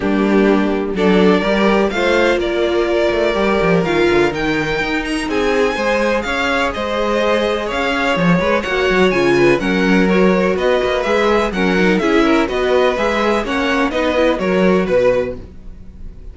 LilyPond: <<
  \new Staff \with { instrumentName = "violin" } { \time 4/4 \tempo 4 = 125 g'2 d''2 | f''4 d''2. | f''4 g''4. ais''8 gis''4~ | gis''4 f''4 dis''2 |
f''4 cis''4 fis''4 gis''4 | fis''4 cis''4 dis''4 e''4 | fis''4 e''4 dis''4 e''4 | fis''4 dis''4 cis''4 b'4 | }
  \new Staff \with { instrumentName = "violin" } { \time 4/4 d'2 a'4 ais'4 | c''4 ais'2.~ | ais'2. gis'4 | c''4 cis''4 c''2 |
cis''4. b'8 cis''4. b'8 | ais'2 b'2 | ais'4 gis'8 ais'8 b'2 | cis''4 b'4 ais'4 b'4 | }
  \new Staff \with { instrumentName = "viola" } { \time 4/4 ais2 d'4 g'4 | f'2. g'4 | f'4 dis'2. | gis'1~ |
gis'2 fis'4 f'4 | cis'4 fis'2 gis'4 | cis'8 dis'8 e'4 fis'4 gis'4 | cis'4 dis'8 e'8 fis'2 | }
  \new Staff \with { instrumentName = "cello" } { \time 4/4 g2 fis4 g4 | a4 ais4. a8 g8 f8 | dis8 d8 dis4 dis'4 c'4 | gis4 cis'4 gis2 |
cis'4 f8 gis8 ais8 fis8 cis4 | fis2 b8 ais8 gis4 | fis4 cis'4 b4 gis4 | ais4 b4 fis4 b,4 | }
>>